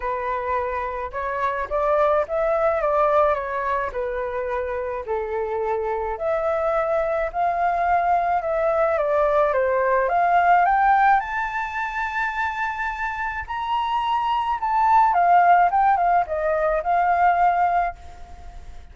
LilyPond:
\new Staff \with { instrumentName = "flute" } { \time 4/4 \tempo 4 = 107 b'2 cis''4 d''4 | e''4 d''4 cis''4 b'4~ | b'4 a'2 e''4~ | e''4 f''2 e''4 |
d''4 c''4 f''4 g''4 | a''1 | ais''2 a''4 f''4 | g''8 f''8 dis''4 f''2 | }